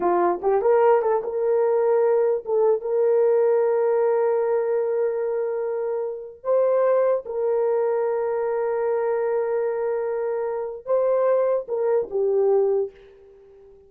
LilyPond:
\new Staff \with { instrumentName = "horn" } { \time 4/4 \tempo 4 = 149 f'4 g'8 ais'4 a'8 ais'4~ | ais'2 a'4 ais'4~ | ais'1~ | ais'1 |
c''2 ais'2~ | ais'1~ | ais'2. c''4~ | c''4 ais'4 g'2 | }